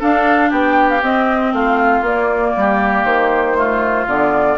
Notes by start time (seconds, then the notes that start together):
0.00 D4 A4 F5
0.50 B3 G4 G5
0.90 F5
1.02 C4 D#5
1.53 A3 F4 F5
2.01 A#3 D5
2.56 G3 G4
3.04 D#3 C5
3.56 A3 F4
4.08 D3 B3 D5